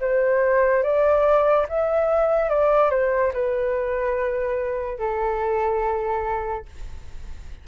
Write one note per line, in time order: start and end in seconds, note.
0.00 0.83 C5
0.83 1.66 D5
1.68 2.49 E5
2.49 2.90 D5
2.90 3.32 C5
3.33 4.98 B4
4.98 6.65 A4